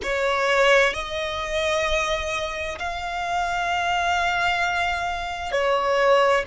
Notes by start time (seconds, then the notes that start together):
0.03 C#5
0.93 D#5
2.78 F5
5.51 C#5